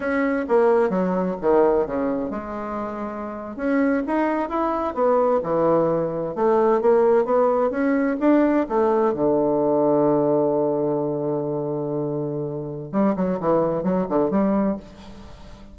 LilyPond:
\new Staff \with { instrumentName = "bassoon" } { \time 4/4 \tempo 4 = 130 cis'4 ais4 fis4 dis4 | cis4 gis2~ gis8. cis'16~ | cis'8. dis'4 e'4 b4 e16~ | e4.~ e16 a4 ais4 b16~ |
b8. cis'4 d'4 a4 d16~ | d1~ | d1 | g8 fis8 e4 fis8 d8 g4 | }